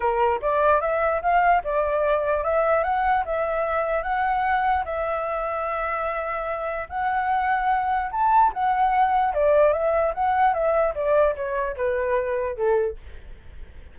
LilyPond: \new Staff \with { instrumentName = "flute" } { \time 4/4 \tempo 4 = 148 ais'4 d''4 e''4 f''4 | d''2 e''4 fis''4 | e''2 fis''2 | e''1~ |
e''4 fis''2. | a''4 fis''2 d''4 | e''4 fis''4 e''4 d''4 | cis''4 b'2 a'4 | }